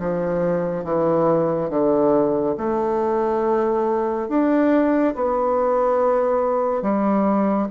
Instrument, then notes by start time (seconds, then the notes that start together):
bassoon
0.00 F3
0.85 E3
1.70 D3
2.58 A3
4.29 D4
5.15 B3
6.82 G3